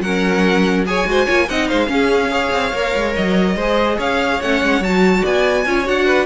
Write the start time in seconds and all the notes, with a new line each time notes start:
0.00 F#3 C#4 A#4 F#5
0.86 G#4 C#5 G#5
1.06 G#3 F#4 C5
1.26 A#3 F4 C#5
1.49 C4 D#4 D#5 F#5
1.68 G#3 C5 F5
1.87 C#4 G#4
2.31 G#4 C#5
2.52 C4
2.73 A#3 A#4
2.96 G#3
3.15 F#3 D#5
3.56 G#3 G#4 C5
3.98 C#4 C#5 F5
4.41 A3 C#4 F#5
4.63 G#3
4.81 F#3 F#4 A5
5.22 B3 D5 G#5
5.66 C#4 F4 C#5
5.85 D4 F#4 F#5
6.07 B4